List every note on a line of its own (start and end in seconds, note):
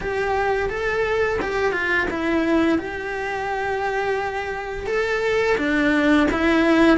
0.01 0.69 G4
0.69 1.39 A4
1.41 1.72 G4
1.72 2.07 F4
2.10 2.78 E4
2.78 4.86 G4
4.86 5.56 A4
5.57 6.27 D4
6.31 6.97 E4